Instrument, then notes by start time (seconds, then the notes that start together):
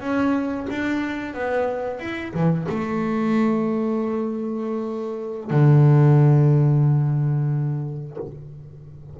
double bass
0.00 C#4
0.70 D4
1.34 B3
1.99 E4
2.33 E3
2.69 A3
5.50 D3